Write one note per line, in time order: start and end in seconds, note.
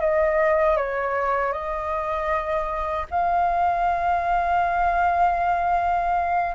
0.00 0.76 D#5
0.76 1.52 C#5
1.52 3.06 D#5
3.10 6.55 F5